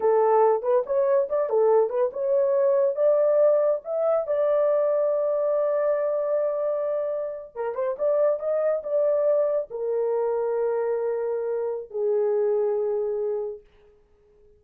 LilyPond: \new Staff \with { instrumentName = "horn" } { \time 4/4 \tempo 4 = 141 a'4. b'8 cis''4 d''8 a'8~ | a'8 b'8 cis''2 d''4~ | d''4 e''4 d''2~ | d''1~ |
d''4.~ d''16 ais'8 c''8 d''4 dis''16~ | dis''8. d''2 ais'4~ ais'16~ | ais'1 | gis'1 | }